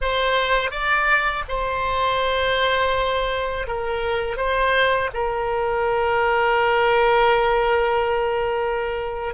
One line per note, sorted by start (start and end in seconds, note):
0.01 0.71 C5
0.71 1.44 D5
1.48 3.67 C5
3.67 4.36 A#4
4.36 5.10 C5
5.13 9.34 A#4